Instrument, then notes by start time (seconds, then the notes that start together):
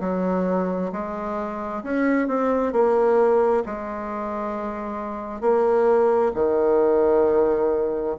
bassoon
0.00 F#3
0.92 G#3
1.83 C#4
2.28 C4
2.72 A#3
3.66 G#3
5.40 A#3
6.34 D#3